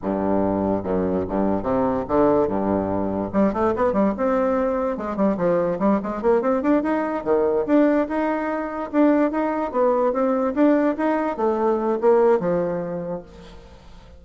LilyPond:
\new Staff \with { instrumentName = "bassoon" } { \time 4/4 \tempo 4 = 145 g,2 fis,4 g,4 | c4 d4 g,2 | g8 a8 b8 g8 c'2 | gis8 g8 f4 g8 gis8 ais8 c'8 |
d'8 dis'4 dis4 d'4 dis'8~ | dis'4. d'4 dis'4 b8~ | b8 c'4 d'4 dis'4 a8~ | a4 ais4 f2 | }